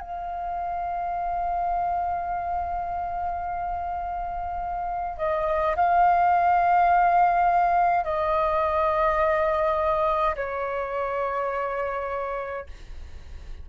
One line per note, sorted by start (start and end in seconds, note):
0.00 5.18 F5
5.18 5.75 D#5
5.76 8.04 F5
8.04 10.35 D#5
10.36 12.67 C#5